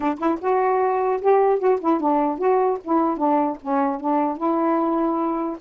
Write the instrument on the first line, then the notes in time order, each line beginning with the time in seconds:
saxophone
0.00 D4
0.18 E4
0.40 F#4
1.21 G4
1.59 F#4
1.80 E4
2.00 D4
2.38 F#4
2.84 E4
3.17 D4
3.61 C#4
4.00 D4
4.37 E4